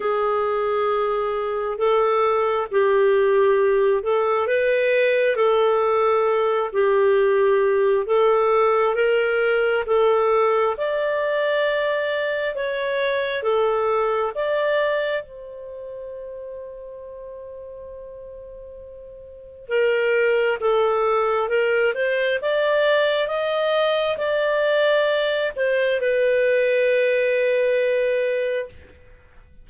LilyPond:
\new Staff \with { instrumentName = "clarinet" } { \time 4/4 \tempo 4 = 67 gis'2 a'4 g'4~ | g'8 a'8 b'4 a'4. g'8~ | g'4 a'4 ais'4 a'4 | d''2 cis''4 a'4 |
d''4 c''2.~ | c''2 ais'4 a'4 | ais'8 c''8 d''4 dis''4 d''4~ | d''8 c''8 b'2. | }